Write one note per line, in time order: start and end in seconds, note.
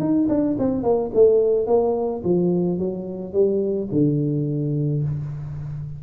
0.00 0.28 D#4
0.29 0.57 D4
0.59 0.83 C4
0.83 1.11 A#3
1.15 1.67 A3
1.67 2.22 A#3
2.24 2.79 F3
2.79 3.33 F#3
3.33 3.89 G3
3.92 5.03 D3